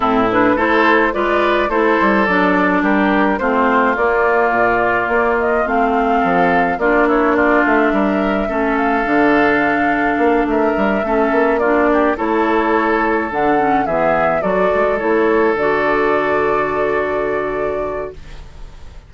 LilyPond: <<
  \new Staff \with { instrumentName = "flute" } { \time 4/4 \tempo 4 = 106 a'8 b'8 c''4 d''4 c''4 | d''4 ais'4 c''4 d''4~ | d''4. dis''8 f''2 | d''8 cis''8 d''8 e''2 f''8~ |
f''2~ f''8 e''4.~ | e''8 d''4 cis''2 fis''8~ | fis''8 e''4 d''4 cis''4 d''8~ | d''1 | }
  \new Staff \with { instrumentName = "oboe" } { \time 4/4 e'4 a'4 b'4 a'4~ | a'4 g'4 f'2~ | f'2. a'4 | f'8 e'8 f'4 ais'4 a'4~ |
a'2~ a'8 ais'4 a'8~ | a'8 f'8 g'8 a'2~ a'8~ | a'8 gis'4 a'2~ a'8~ | a'1 | }
  \new Staff \with { instrumentName = "clarinet" } { \time 4/4 c'8 d'8 e'4 f'4 e'4 | d'2 c'4 ais4~ | ais2 c'2 | d'2. cis'4 |
d'2.~ d'8 cis'8~ | cis'8 d'4 e'2 d'8 | cis'8 b4 fis'4 e'4 fis'8~ | fis'1 | }
  \new Staff \with { instrumentName = "bassoon" } { \time 4/4 a,4 a4 gis4 a8 g8 | fis4 g4 a4 ais4 | ais,4 ais4 a4 f4 | ais4. a8 g4 a4 |
d2 ais8 a8 g8 a8 | ais4. a2 d8~ | d8 e4 fis8 gis8 a4 d8~ | d1 | }
>>